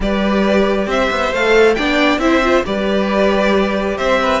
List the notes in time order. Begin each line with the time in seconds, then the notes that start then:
0.00 G3 G4 B4 D5
0.87 C4 C5 E5
1.10 B3
1.32 A3 A4 F5
1.74 B3 D4 D5 G5
2.17 C4 E4 C5 E5
2.43 F4
2.64 G3 G4 B4 D5
3.97 C4 C5 E5
4.22 B4